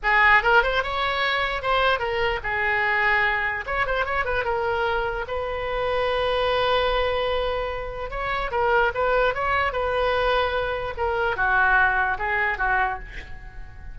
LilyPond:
\new Staff \with { instrumentName = "oboe" } { \time 4/4 \tempo 4 = 148 gis'4 ais'8 c''8 cis''2 | c''4 ais'4 gis'2~ | gis'4 cis''8 c''8 cis''8 b'8 ais'4~ | ais'4 b'2.~ |
b'1 | cis''4 ais'4 b'4 cis''4 | b'2. ais'4 | fis'2 gis'4 fis'4 | }